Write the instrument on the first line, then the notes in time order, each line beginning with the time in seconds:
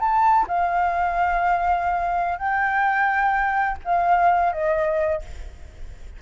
flute
0.00 A5
0.48 F5
2.39 G5
3.85 F5
4.53 D#5